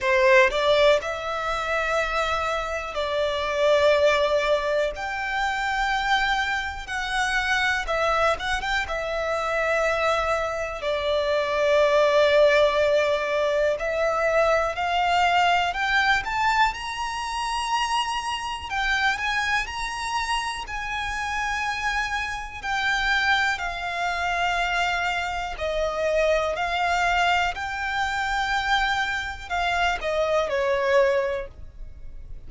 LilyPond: \new Staff \with { instrumentName = "violin" } { \time 4/4 \tempo 4 = 61 c''8 d''8 e''2 d''4~ | d''4 g''2 fis''4 | e''8 fis''16 g''16 e''2 d''4~ | d''2 e''4 f''4 |
g''8 a''8 ais''2 g''8 gis''8 | ais''4 gis''2 g''4 | f''2 dis''4 f''4 | g''2 f''8 dis''8 cis''4 | }